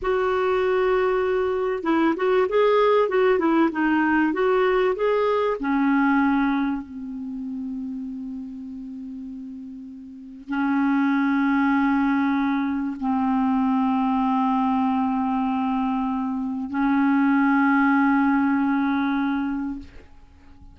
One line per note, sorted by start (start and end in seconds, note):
0.02 1.83 F#4
1.83 2.14 E4
2.16 2.47 F#4
2.48 3.08 G#4
3.08 3.39 F#4
3.39 3.69 E4
3.71 4.33 D#4
4.33 4.95 F#4
4.95 5.57 G#4
5.60 6.82 C#4
6.82 10.48 C4
10.48 12.96 C#4
13.00 16.70 C4
16.70 19.79 C#4